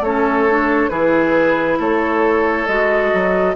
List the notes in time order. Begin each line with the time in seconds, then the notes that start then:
0.00 A3 C#4 A4 C#5
0.49 D4
0.89 E3 E4 G#4 B4
1.79 A3 A4 C#5
2.67 G#3 F#4 D#5
3.13 F#3